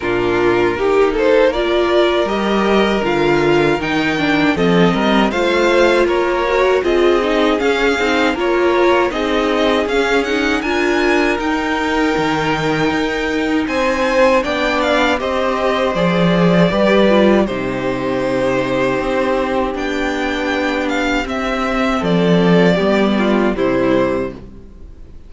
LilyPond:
<<
  \new Staff \with { instrumentName = "violin" } { \time 4/4 \tempo 4 = 79 ais'4. c''8 d''4 dis''4 | f''4 g''4 dis''4 f''4 | cis''4 dis''4 f''4 cis''4 | dis''4 f''8 fis''8 gis''4 g''4~ |
g''2 gis''4 g''8 f''8 | dis''4 d''2 c''4~ | c''2 g''4. f''8 | e''4 d''2 c''4 | }
  \new Staff \with { instrumentName = "violin" } { \time 4/4 f'4 g'8 a'8 ais'2~ | ais'2 a'8 ais'8 c''4 | ais'4 gis'2 ais'4 | gis'2 ais'2~ |
ais'2 c''4 d''4 | c''2 b'4 g'4~ | g'1~ | g'4 a'4 g'8 f'8 e'4 | }
  \new Staff \with { instrumentName = "viola" } { \time 4/4 d'4 dis'4 f'4 g'4 | f'4 dis'8 d'8 c'4 f'4~ | f'8 fis'8 f'8 dis'8 cis'8 dis'8 f'4 | dis'4 cis'8 dis'8 f'4 dis'4~ |
dis'2. d'4 | g'4 gis'4 g'8 f'8 dis'4~ | dis'2 d'2 | c'2 b4 g4 | }
  \new Staff \with { instrumentName = "cello" } { \time 4/4 ais,4 ais2 g4 | d4 dis4 f8 g8 a4 | ais4 c'4 cis'8 c'8 ais4 | c'4 cis'4 d'4 dis'4 |
dis4 dis'4 c'4 b4 | c'4 f4 g4 c4~ | c4 c'4 b2 | c'4 f4 g4 c4 | }
>>